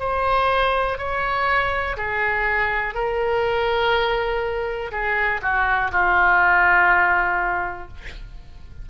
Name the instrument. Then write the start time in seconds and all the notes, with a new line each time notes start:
oboe
0.00 C5
0.98 C#5
1.97 G#4
2.95 A#4
4.92 G#4
5.42 F#4
5.92 F4